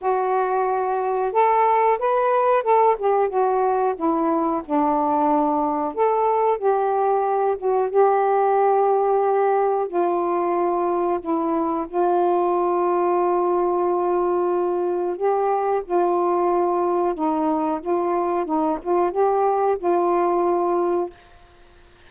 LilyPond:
\new Staff \with { instrumentName = "saxophone" } { \time 4/4 \tempo 4 = 91 fis'2 a'4 b'4 | a'8 g'8 fis'4 e'4 d'4~ | d'4 a'4 g'4. fis'8 | g'2. f'4~ |
f'4 e'4 f'2~ | f'2. g'4 | f'2 dis'4 f'4 | dis'8 f'8 g'4 f'2 | }